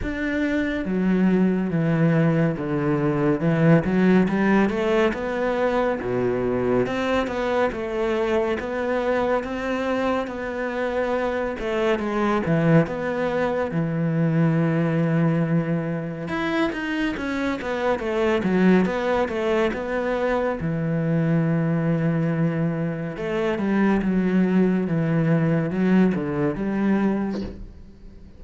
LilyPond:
\new Staff \with { instrumentName = "cello" } { \time 4/4 \tempo 4 = 70 d'4 fis4 e4 d4 | e8 fis8 g8 a8 b4 b,4 | c'8 b8 a4 b4 c'4 | b4. a8 gis8 e8 b4 |
e2. e'8 dis'8 | cis'8 b8 a8 fis8 b8 a8 b4 | e2. a8 g8 | fis4 e4 fis8 d8 g4 | }